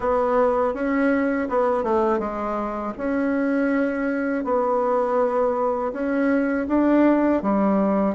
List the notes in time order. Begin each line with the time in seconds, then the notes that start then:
0.00 B3
0.74 C#4
1.49 B3
1.83 A3
2.19 G#3
2.97 C#4
4.44 B3
5.92 C#4
6.68 D4
7.42 G3